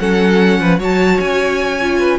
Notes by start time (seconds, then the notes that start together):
0.00 F#3 C#4 A4 F#5
0.61 F3 B4
0.79 F#3 F#4 C#5 A5
1.20 C#4 G#5
1.81 F4
1.99 B4